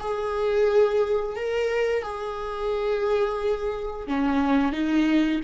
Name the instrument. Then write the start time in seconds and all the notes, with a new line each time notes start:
viola
0.00 G#4
1.37 A#4
2.03 G#4
4.08 C#4
4.73 D#4